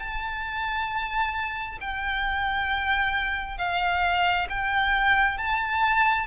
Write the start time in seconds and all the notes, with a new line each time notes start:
0.00 A5
1.81 G5
3.58 F5
4.50 G5
5.38 A5